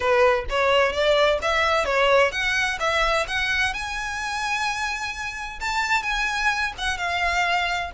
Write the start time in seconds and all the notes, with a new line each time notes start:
0.00 B4
0.49 C#5
0.92 D5
1.42 E5
1.85 C#5
2.31 F#5
2.79 E5
3.27 F#5
3.73 G#5
5.60 A5
6.03 G#5
6.78 F#5
6.97 F5